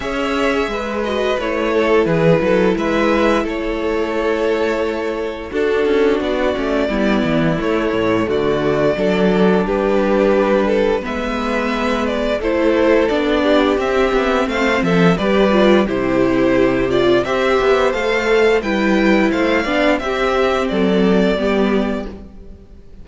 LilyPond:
<<
  \new Staff \with { instrumentName = "violin" } { \time 4/4 \tempo 4 = 87 e''4. dis''8 cis''4 b'4 | e''4 cis''2. | a'4 d''2 cis''4 | d''2 b'2 |
e''4. d''8 c''4 d''4 | e''4 f''8 e''8 d''4 c''4~ | c''8 d''8 e''4 f''4 g''4 | f''4 e''4 d''2 | }
  \new Staff \with { instrumentName = "violin" } { \time 4/4 cis''4 b'4. a'8 gis'8 a'8 | b'4 a'2. | fis'2 e'2 | fis'4 a'4 g'4. a'8 |
b'2 a'4. g'8~ | g'4 c''8 a'8 b'4 g'4~ | g'4 c''2 b'4 | c''8 d''8 g'4 a'4 g'4 | }
  \new Staff \with { instrumentName = "viola" } { \time 4/4 gis'4. fis'8 e'2~ | e'1 | d'4. cis'8 b4 a4~ | a4 d'2. |
b2 e'4 d'4 | c'2 g'8 f'8 e'4~ | e'8 f'8 g'4 a'4 e'4~ | e'8 d'8 c'2 b4 | }
  \new Staff \with { instrumentName = "cello" } { \time 4/4 cis'4 gis4 a4 e8 fis8 | gis4 a2. | d'8 cis'8 b8 a8 g8 e8 a8 a,8 | d4 fis4 g2 |
gis2 a4 b4 | c'8 b8 a8 f8 g4 c4~ | c4 c'8 b8 a4 g4 | a8 b8 c'4 fis4 g4 | }
>>